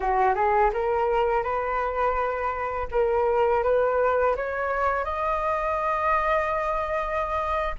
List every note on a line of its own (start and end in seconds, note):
0.00 0.34 F#4
0.34 0.70 G#4
0.73 1.43 A#4
1.43 2.87 B4
2.91 3.63 A#4
3.63 4.35 B4
4.36 5.04 C#5
5.04 7.75 D#5